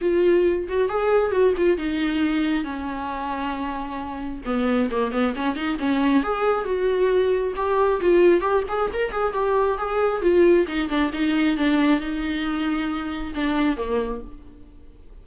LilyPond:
\new Staff \with { instrumentName = "viola" } { \time 4/4 \tempo 4 = 135 f'4. fis'8 gis'4 fis'8 f'8 | dis'2 cis'2~ | cis'2 b4 ais8 b8 | cis'8 dis'8 cis'4 gis'4 fis'4~ |
fis'4 g'4 f'4 g'8 gis'8 | ais'8 gis'8 g'4 gis'4 f'4 | dis'8 d'8 dis'4 d'4 dis'4~ | dis'2 d'4 ais4 | }